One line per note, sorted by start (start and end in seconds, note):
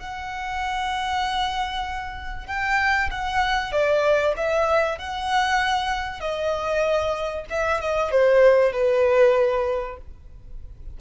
0.00 2.47 F#5
2.47 3.10 G5
3.11 3.72 F#5
3.72 4.35 D5
4.37 4.99 E5
4.99 6.21 F#5
6.21 7.46 D#5
7.50 7.81 E5
7.81 8.12 D#5
8.12 8.73 C5
8.73 9.98 B4